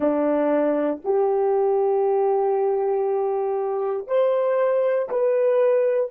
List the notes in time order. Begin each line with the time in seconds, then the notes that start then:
0.00 D4
1.04 G4
4.07 C5
5.09 B4